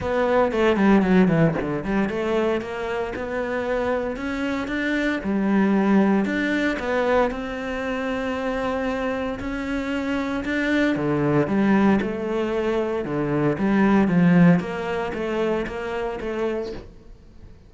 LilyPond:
\new Staff \with { instrumentName = "cello" } { \time 4/4 \tempo 4 = 115 b4 a8 g8 fis8 e8 d8 g8 | a4 ais4 b2 | cis'4 d'4 g2 | d'4 b4 c'2~ |
c'2 cis'2 | d'4 d4 g4 a4~ | a4 d4 g4 f4 | ais4 a4 ais4 a4 | }